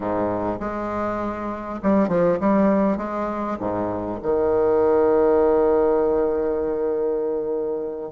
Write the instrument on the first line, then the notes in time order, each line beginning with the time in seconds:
bassoon
0.00 G#2
0.60 G#3
1.82 G3
2.08 F3
2.39 G3
2.97 G#3
3.59 G#2
4.22 D#3